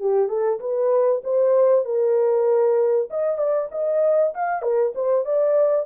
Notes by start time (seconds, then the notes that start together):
0.00 G4
0.29 A4
0.60 B4
1.24 C5
1.85 A#4
3.10 D#5
3.38 D5
3.72 D#5
4.34 F5
4.62 A#4
4.95 C5
5.25 D5